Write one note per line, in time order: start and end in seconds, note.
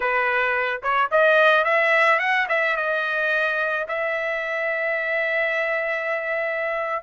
0.00 0.81 B4
0.82 1.10 C#5
1.11 1.64 D#5
1.64 2.19 E5
2.19 2.46 F#5
2.48 2.76 E5
2.76 3.86 D#5
3.88 7.02 E5